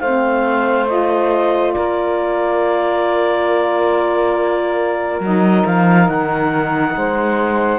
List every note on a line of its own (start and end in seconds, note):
0.00 1.75 A3
0.00 0.87 C4
0.00 1.75 C5
0.00 0.87 F5
0.87 5.22 F4
0.87 1.73 D#5
1.73 5.20 A#3
1.73 6.96 A#4
1.73 5.21 D5
5.20 5.64 F#3
5.20 7.80 D#4
5.20 5.66 D#5
5.66 6.09 F3
5.66 6.09 F5
6.09 6.96 D#3
6.09 7.80 F#5
6.97 7.80 G#3
6.97 7.80 C5